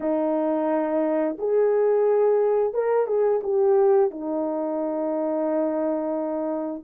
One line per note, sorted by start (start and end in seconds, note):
0.00 1.36 D#4
1.38 2.73 G#4
2.73 3.06 A#4
3.06 3.40 G#4
3.43 4.10 G4
4.10 6.83 D#4